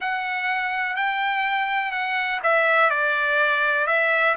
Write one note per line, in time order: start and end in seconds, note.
0.00 0.95 F#5
0.95 1.91 G5
1.91 2.40 F#5
2.43 2.90 E5
2.90 3.87 D5
3.87 4.35 E5